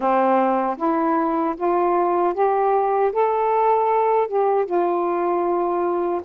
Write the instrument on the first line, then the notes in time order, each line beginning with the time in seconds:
saxophone
0.00 C4
0.77 E4
1.56 F4
2.34 G4
3.12 A4
4.27 G4
4.65 F4